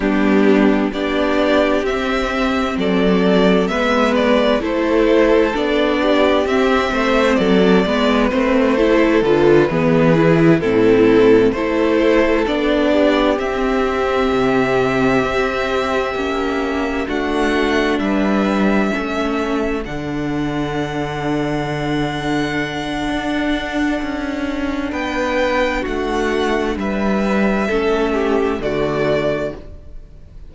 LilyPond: <<
  \new Staff \with { instrumentName = "violin" } { \time 4/4 \tempo 4 = 65 g'4 d''4 e''4 d''4 | e''8 d''8 c''4 d''4 e''4 | d''4 c''4 b'4. a'8~ | a'8 c''4 d''4 e''4.~ |
e''2~ e''8 fis''4 e''8~ | e''4. fis''2~ fis''8~ | fis''2. g''4 | fis''4 e''2 d''4 | }
  \new Staff \with { instrumentName = "violin" } { \time 4/4 d'4 g'2 a'4 | b'4 a'4. g'4 c''8 | a'8 b'4 a'4 gis'4 e'8~ | e'8 a'4. g'2~ |
g'2~ g'8 fis'4 b'8~ | b'8 a'2.~ a'8~ | a'2. b'4 | fis'4 b'4 a'8 g'8 fis'4 | }
  \new Staff \with { instrumentName = "viola" } { \time 4/4 b4 d'4 c'2 | b4 e'4 d'4 c'4~ | c'8 b8 c'8 e'8 f'8 b8 e'8 c'8~ | c'8 e'4 d'4 c'4.~ |
c'4. cis'4 d'4.~ | d'8 cis'4 d'2~ d'8~ | d'1~ | d'2 cis'4 a4 | }
  \new Staff \with { instrumentName = "cello" } { \time 4/4 g4 b4 c'4 fis4 | gis4 a4 b4 c'8 a8 | fis8 gis8 a4 d8 e4 a,8~ | a,8 a4 b4 c'4 c8~ |
c8 c'4 ais4 a4 g8~ | g8 a4 d2~ d8~ | d4 d'4 cis'4 b4 | a4 g4 a4 d4 | }
>>